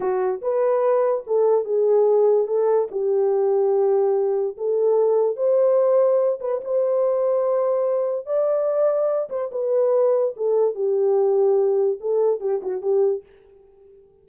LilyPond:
\new Staff \with { instrumentName = "horn" } { \time 4/4 \tempo 4 = 145 fis'4 b'2 a'4 | gis'2 a'4 g'4~ | g'2. a'4~ | a'4 c''2~ c''8 b'8 |
c''1 | d''2~ d''8 c''8 b'4~ | b'4 a'4 g'2~ | g'4 a'4 g'8 fis'8 g'4 | }